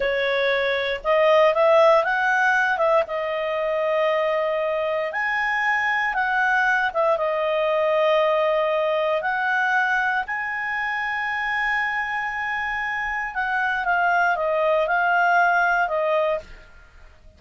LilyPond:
\new Staff \with { instrumentName = "clarinet" } { \time 4/4 \tempo 4 = 117 cis''2 dis''4 e''4 | fis''4. e''8 dis''2~ | dis''2 gis''2 | fis''4. e''8 dis''2~ |
dis''2 fis''2 | gis''1~ | gis''2 fis''4 f''4 | dis''4 f''2 dis''4 | }